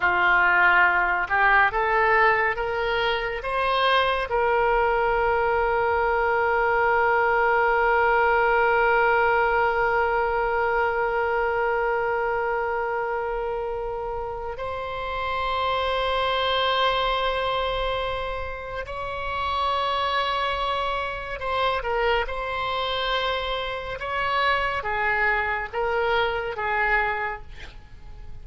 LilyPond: \new Staff \with { instrumentName = "oboe" } { \time 4/4 \tempo 4 = 70 f'4. g'8 a'4 ais'4 | c''4 ais'2.~ | ais'1~ | ais'1~ |
ais'4 c''2.~ | c''2 cis''2~ | cis''4 c''8 ais'8 c''2 | cis''4 gis'4 ais'4 gis'4 | }